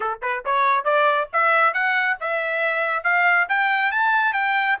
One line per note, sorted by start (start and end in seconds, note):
0.00 0.18 A4
0.22 0.43 B4
0.45 0.84 C#5
0.84 1.28 D5
1.32 1.73 E5
1.73 2.16 F#5
2.20 3.03 E5
3.03 3.47 F5
3.48 3.91 G5
3.91 4.33 A5
4.33 4.76 G5